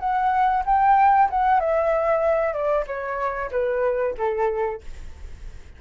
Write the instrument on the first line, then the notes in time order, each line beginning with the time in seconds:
flute
0.00 F#5
0.66 G5
1.30 F#5
1.60 E5
2.53 D5
2.87 C#5
3.52 B4
4.18 A4